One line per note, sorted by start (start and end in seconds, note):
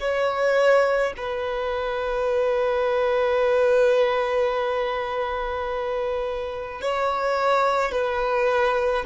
0.00 1.13 C#5
1.16 6.81 B4
6.81 7.91 C#5
7.91 9.05 B4